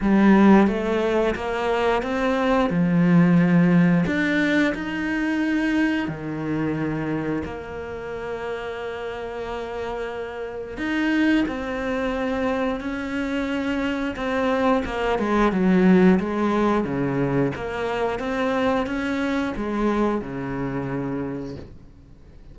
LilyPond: \new Staff \with { instrumentName = "cello" } { \time 4/4 \tempo 4 = 89 g4 a4 ais4 c'4 | f2 d'4 dis'4~ | dis'4 dis2 ais4~ | ais1 |
dis'4 c'2 cis'4~ | cis'4 c'4 ais8 gis8 fis4 | gis4 cis4 ais4 c'4 | cis'4 gis4 cis2 | }